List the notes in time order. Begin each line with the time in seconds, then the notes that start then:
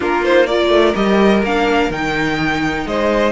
0.00 A#3 D4 F4 A#4
0.23 D#4 C5
0.46 F4 A#4 D5
0.70 A3
0.94 G3 G4 D#5
1.42 A#3 D4 F5
1.90 D#3 D#4 G5
2.85 G#3 C5 D#5